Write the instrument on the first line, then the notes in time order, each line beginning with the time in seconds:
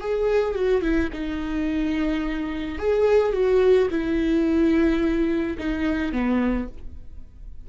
viola
0.00 G#4
0.55 F#4
0.81 E4
1.12 D#4
2.78 G#4
3.32 F#4
3.90 E4
5.58 D#4
6.12 B3